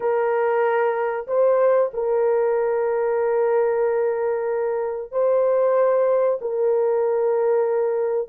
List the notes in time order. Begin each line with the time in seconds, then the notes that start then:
0.00 A#4
1.27 C5
1.93 A#4
5.11 C5
6.41 A#4